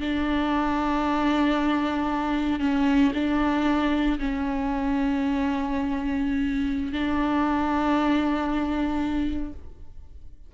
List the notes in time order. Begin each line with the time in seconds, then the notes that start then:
0.00 D4
2.59 C#4
3.14 D4
4.19 C#4
6.92 D4